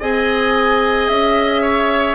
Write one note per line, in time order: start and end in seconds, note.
0.00 1.09 C4
0.00 2.15 G#4
0.00 1.62 D#5
0.00 1.08 G#5
1.08 2.15 C#4
1.08 2.15 E5
1.62 2.15 C#5